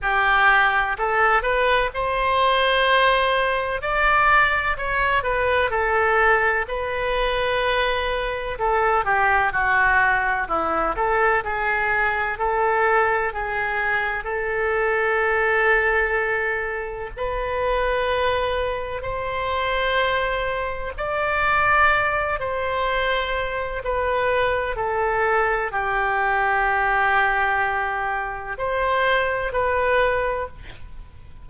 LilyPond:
\new Staff \with { instrumentName = "oboe" } { \time 4/4 \tempo 4 = 63 g'4 a'8 b'8 c''2 | d''4 cis''8 b'8 a'4 b'4~ | b'4 a'8 g'8 fis'4 e'8 a'8 | gis'4 a'4 gis'4 a'4~ |
a'2 b'2 | c''2 d''4. c''8~ | c''4 b'4 a'4 g'4~ | g'2 c''4 b'4 | }